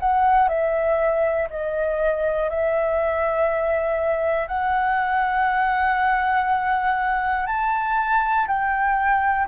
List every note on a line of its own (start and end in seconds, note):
0.00 0.49 F#5
0.49 1.49 E5
1.50 2.50 D#5
2.50 4.48 E5
4.48 7.47 F#5
7.47 8.47 A5
8.48 9.48 G5